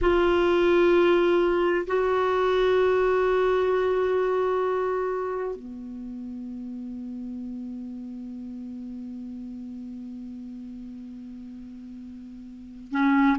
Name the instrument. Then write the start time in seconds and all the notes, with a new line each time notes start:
clarinet
0.01 F4
1.86 F#4
5.56 B3
12.91 C#4